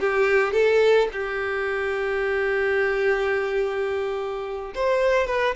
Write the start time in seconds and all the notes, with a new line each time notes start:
0.00 G4
0.53 A4
1.13 G4
4.75 C5
5.27 B4